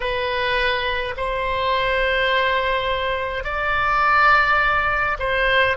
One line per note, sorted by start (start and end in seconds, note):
0.00 1.14 B4
1.16 3.44 C5
3.44 5.17 D5
5.19 5.76 C5